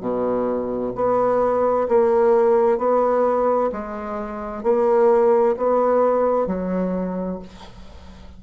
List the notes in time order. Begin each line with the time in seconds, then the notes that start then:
0.00 B2
0.95 B3
1.88 A#3
2.78 B3
3.72 G#3
4.63 A#3
5.57 B3
6.47 F#3